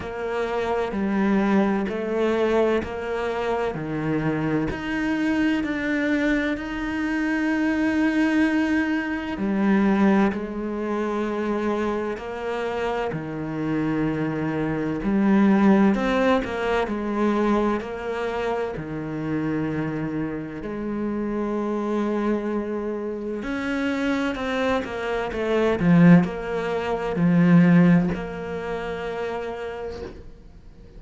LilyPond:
\new Staff \with { instrumentName = "cello" } { \time 4/4 \tempo 4 = 64 ais4 g4 a4 ais4 | dis4 dis'4 d'4 dis'4~ | dis'2 g4 gis4~ | gis4 ais4 dis2 |
g4 c'8 ais8 gis4 ais4 | dis2 gis2~ | gis4 cis'4 c'8 ais8 a8 f8 | ais4 f4 ais2 | }